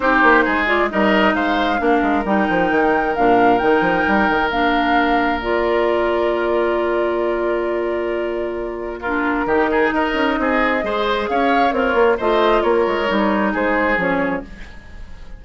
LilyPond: <<
  \new Staff \with { instrumentName = "flute" } { \time 4/4 \tempo 4 = 133 c''4. d''8 dis''4 f''4~ | f''4 g''2 f''4 | g''2 f''2 | d''1~ |
d''1 | ais'2 dis''2~ | dis''4 f''4 cis''4 dis''4 | cis''2 c''4 cis''4 | }
  \new Staff \with { instrumentName = "oboe" } { \time 4/4 g'4 gis'4 ais'4 c''4 | ais'1~ | ais'1~ | ais'1~ |
ais'1 | f'4 g'8 gis'8 ais'4 gis'4 | c''4 cis''4 f'4 c''4 | ais'2 gis'2 | }
  \new Staff \with { instrumentName = "clarinet" } { \time 4/4 dis'4. f'8 dis'2 | d'4 dis'2 d'4 | dis'2 d'2 | f'1~ |
f'1 | d'4 dis'2. | gis'2 ais'4 f'4~ | f'4 dis'2 cis'4 | }
  \new Staff \with { instrumentName = "bassoon" } { \time 4/4 c'8 ais8 gis4 g4 gis4 | ais8 gis8 g8 f8 dis4 ais,4 | dis8 f8 g8 dis8 ais2~ | ais1~ |
ais1~ | ais4 dis4 dis'8 cis'8 c'4 | gis4 cis'4 c'8 ais8 a4 | ais8 gis8 g4 gis4 f4 | }
>>